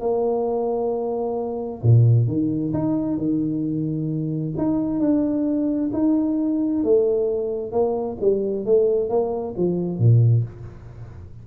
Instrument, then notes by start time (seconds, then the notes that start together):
tuba
0.00 A#3
1.82 A#2
2.27 D#3
2.73 D#4
3.17 D#3
4.57 D#4
5.00 D4
5.93 D#4
6.84 A3
7.72 A#3
8.21 G3
8.65 A3
9.09 A#3
9.57 F3
9.98 A#2